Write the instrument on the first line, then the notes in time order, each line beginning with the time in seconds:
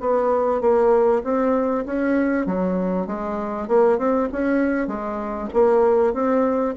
bassoon
0.00 B3
0.61 A#3
1.24 C4
1.86 C#4
2.46 F#3
3.07 G#3
3.68 A#3
3.98 C4
4.32 C#4
4.87 G#3
5.53 A#3
6.13 C4